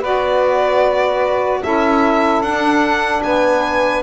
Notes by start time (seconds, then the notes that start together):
0.00 B3 F#4 B4 D5
1.63 C#4 E4 A4 E5
2.41 D4 F#5
3.23 B3 B4 G#5